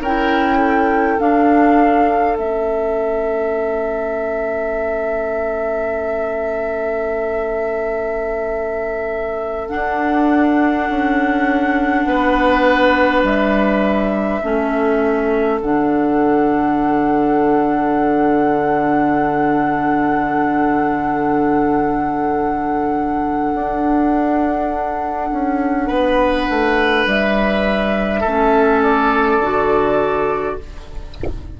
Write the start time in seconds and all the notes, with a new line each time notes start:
0.00 C#4 E4 A#4 G5
0.57 A4
1.18 D4 F5
2.36 A3 C#4 E5
9.68 D4 F#5
10.89 C#4
12.05 B3 B4
13.23 G3 E5
14.42 A3 C#4 A4
15.61 D3 D4 F#5
23.54 D4
25.32 C#4
25.87 B3 B4
26.49 A3
27.06 G3 E5
28.20 A3 A4
28.27 C#4
28.82 D5
29.39 D3 F#4